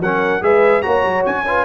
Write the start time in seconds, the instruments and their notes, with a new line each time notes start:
0.00 tuba F#3, trombone C#4, horn A#4, trumpet F#5
0.41 tuba G#3, trombone G#4, horn B4, trumpet E5
0.82 tuba A#3, trombone F#4, horn C#5, trumpet A#5
1.04 tuba F#3
1.25 tuba C#4, trumpet G#5
1.47 trombone F4, horn B4